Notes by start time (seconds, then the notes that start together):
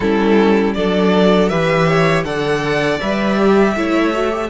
0.00 G3 C#4 E4 A4
0.74 F#3 D4 A4 D5
1.48 E3 G4 B4 E5
1.87 C#5
2.24 D3 A4 D5 F#5
3.00 G3 B4 E5
3.36 G4
3.75 A3 E4 C#5
4.13 F#4
4.31 G4